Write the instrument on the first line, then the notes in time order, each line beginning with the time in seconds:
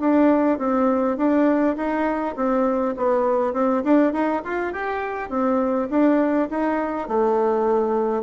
bassoon
0.00 D4
0.58 C4
1.17 D4
1.76 D#4
2.36 C4
2.97 B3
3.53 C4
3.84 D4
4.13 D#4
4.44 F4
4.73 G4
5.30 C4
5.90 D4
6.50 D#4
7.08 A3